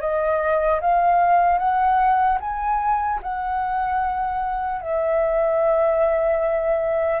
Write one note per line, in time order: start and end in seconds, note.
0.00 0.80 D#5
0.80 1.58 F5
1.58 2.38 F#5
2.40 3.20 G#5
3.22 4.81 F#5
4.81 7.20 E5